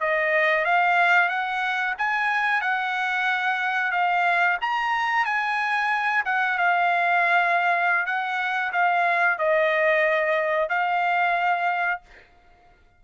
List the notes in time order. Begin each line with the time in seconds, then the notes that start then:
0.00 D#5
0.65 F5
1.29 F#5
1.98 G#5
2.61 F#5
3.92 F5
4.62 A#5
5.25 G#5
6.25 F#5
6.58 F5
8.06 F#5
8.72 F5
9.39 D#5
10.69 F5